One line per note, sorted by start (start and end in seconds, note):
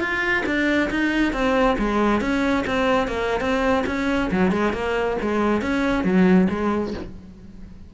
0.00 0.44 F4
0.46 0.90 D4
0.91 1.33 D#4
1.33 1.77 C4
1.78 2.21 G#3
2.21 2.65 C#4
2.67 3.08 C4
3.08 3.41 A#3
3.41 3.84 C4
3.87 4.30 C#4
4.31 4.51 F#3
4.51 4.73 G#3
4.73 5.17 A#3
5.22 5.62 G#3
5.62 6.04 C#4
6.04 6.48 F#3
6.50 6.94 G#3